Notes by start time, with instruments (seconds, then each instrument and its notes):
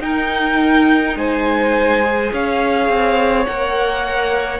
0.00 cello D#4, viola D#4, violin A#4 G5
1.16 cello G#3, violin C5 G#5
2.02 viola G#4
2.32 cello C#4, violin C#5 F5
2.88 cello C4
3.45 cello A#3, viola A#4, violin F#5